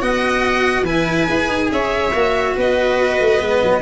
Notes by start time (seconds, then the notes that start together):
0.00 B3 F#4 D#5 F#5
0.82 E3 E4 B4 G#5
1.27 E4 G#4
1.49 D#4
1.72 C#4 C#5 E5
2.13 A#3 F#4
2.55 B3 B4 D#5
3.20 A3
3.39 G#3 B3
3.63 F#3